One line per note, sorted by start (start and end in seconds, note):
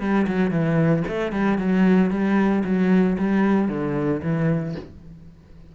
0.00 0.26 G3
0.27 0.51 F#3
0.51 1.04 E3
1.08 1.32 A3
1.32 1.58 G3
1.58 2.11 F#3
2.11 2.63 G3
2.65 3.17 F#3
3.18 3.68 G3
3.68 4.21 D3
4.22 4.75 E3